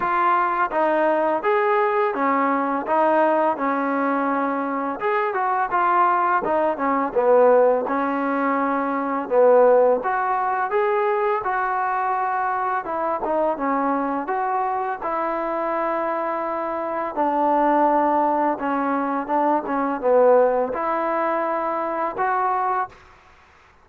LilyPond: \new Staff \with { instrumentName = "trombone" } { \time 4/4 \tempo 4 = 84 f'4 dis'4 gis'4 cis'4 | dis'4 cis'2 gis'8 fis'8 | f'4 dis'8 cis'8 b4 cis'4~ | cis'4 b4 fis'4 gis'4 |
fis'2 e'8 dis'8 cis'4 | fis'4 e'2. | d'2 cis'4 d'8 cis'8 | b4 e'2 fis'4 | }